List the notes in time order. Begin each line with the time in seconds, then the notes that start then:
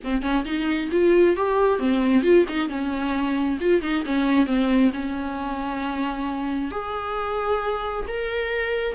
0.03 C4
0.21 C#4
0.44 D#4
0.91 F4
1.36 G4
1.79 C4
2.23 F4
2.48 D#4
2.68 C#4
3.60 F4
3.81 D#4
4.05 C#4
4.46 C4
4.93 C#4
6.71 G#4
8.07 A#4